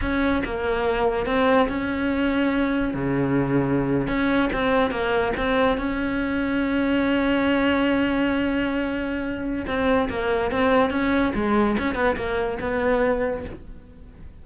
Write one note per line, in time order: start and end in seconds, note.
0.01 0.43 C#4
0.44 1.25 A#3
1.25 1.67 C4
1.68 2.94 C#4
2.94 4.07 C#3
4.07 4.49 C#4
4.52 4.90 C4
4.90 5.32 A#3
5.36 5.77 C4
5.77 9.65 C#4
9.66 10.08 C4
10.09 10.51 A#3
10.51 10.90 C4
10.90 11.32 C#4
11.34 11.76 G#3
11.78 11.95 C#4
11.95 12.16 B3
12.16 12.58 A#3
12.60 13.44 B3